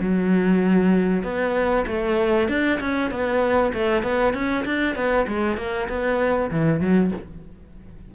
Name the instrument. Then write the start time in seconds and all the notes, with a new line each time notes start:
cello
0.00 F#3
1.23 B3
1.86 A3
2.48 D4
2.80 C#4
3.10 B3
3.74 A3
4.03 B3
4.34 C#4
4.65 D4
4.95 B3
5.28 G#3
5.57 A#3
5.88 B3
6.51 E3
6.80 F#3